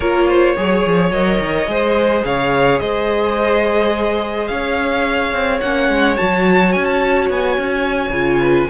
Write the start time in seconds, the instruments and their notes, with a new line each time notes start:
0.00 cello A#3, viola F4, violin A#4 C#5
0.27 violin C5
0.56 cello F#3, viola G#4, violin C#5
0.85 cello F3
1.11 cello F#3, viola A#4, violin D#5
1.39 cello D#3
1.67 cello G#3, viola G#4, violin C5
2.24 cello C#3, violin C#5 F5
2.79 cello G#3, violin C5 D#5
4.47 cello C#4, violin C#5 F5
5.32 cello C4
5.60 cello A#3, viola C#4, violin F#5
5.88 cello G#3
6.15 cello F#3, viola F#4, violin A5
6.72 cello C#4, violin G#5
6.84 violin A5
7.29 cello B3, violin G#5
7.57 cello C#4
8.09 cello C#3, viola F4
8.39 violin B4